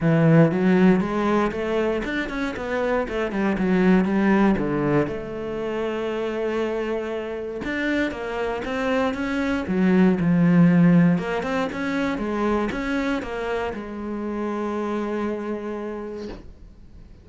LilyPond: \new Staff \with { instrumentName = "cello" } { \time 4/4 \tempo 4 = 118 e4 fis4 gis4 a4 | d'8 cis'8 b4 a8 g8 fis4 | g4 d4 a2~ | a2. d'4 |
ais4 c'4 cis'4 fis4 | f2 ais8 c'8 cis'4 | gis4 cis'4 ais4 gis4~ | gis1 | }